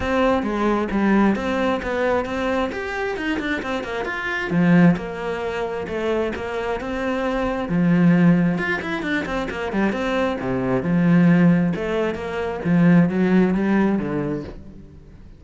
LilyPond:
\new Staff \with { instrumentName = "cello" } { \time 4/4 \tempo 4 = 133 c'4 gis4 g4 c'4 | b4 c'4 g'4 dis'8 d'8 | c'8 ais8 f'4 f4 ais4~ | ais4 a4 ais4 c'4~ |
c'4 f2 f'8 e'8 | d'8 c'8 ais8 g8 c'4 c4 | f2 a4 ais4 | f4 fis4 g4 d4 | }